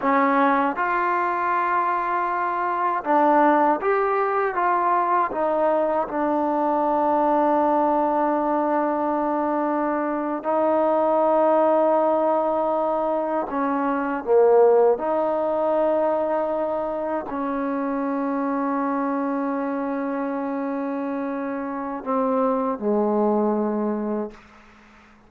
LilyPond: \new Staff \with { instrumentName = "trombone" } { \time 4/4 \tempo 4 = 79 cis'4 f'2. | d'4 g'4 f'4 dis'4 | d'1~ | d'4.~ d'16 dis'2~ dis'16~ |
dis'4.~ dis'16 cis'4 ais4 dis'16~ | dis'2~ dis'8. cis'4~ cis'16~ | cis'1~ | cis'4 c'4 gis2 | }